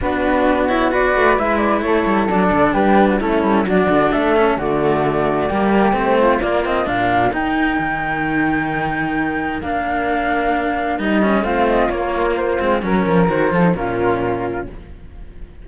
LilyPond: <<
  \new Staff \with { instrumentName = "flute" } { \time 4/4 \tempo 4 = 131 b'4. cis''8 d''4 e''8 d''8 | cis''4 d''4 b'4 a'4 | d''4 e''4 d''2~ | d''4 c''4 d''8 dis''8 f''4 |
g''1~ | g''4 f''2. | dis''4 f''8 dis''8 cis''4 c''4 | ais'4 c''4 ais'2 | }
  \new Staff \with { instrumentName = "flute" } { \time 4/4 fis'2 b'2 | a'2 g'8. fis'16 e'4 | fis'4 a'4 fis'2 | g'4. f'4. ais'4~ |
ais'1~ | ais'1~ | ais'4 f'2. | ais'4. a'8 f'2 | }
  \new Staff \with { instrumentName = "cello" } { \time 4/4 d'4. e'8 fis'4 e'4~ | e'4 d'2 cis'4 | d'4. cis'8 a2 | ais4 c'4 ais8 c'8 d'4 |
dis'1~ | dis'4 d'2. | dis'8 cis'8 c'4 ais4. c'8 | cis'4 fis'8 f'16 dis'16 cis'2 | }
  \new Staff \with { instrumentName = "cello" } { \time 4/4 b2~ b8 a8 gis4 | a8 g8 fis8 d8 g4 a8 g8 | fis8 d8 a4 d2 | g4 a4 ais4 ais,4 |
dis'4 dis2.~ | dis4 ais2. | g4 a4 ais4. gis8 | fis8 f8 dis8 f8 ais,2 | }
>>